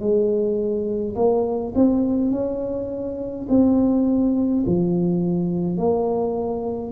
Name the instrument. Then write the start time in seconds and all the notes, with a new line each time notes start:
tuba
0.00 G#3
1.16 A#3
1.75 C4
2.32 C#4
3.49 C4
4.67 F3
5.78 A#3